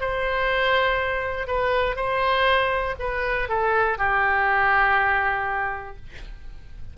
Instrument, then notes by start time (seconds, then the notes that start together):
oboe
0.00 C5
1.47 B4
1.96 C5
2.99 B4
3.49 A4
3.98 G4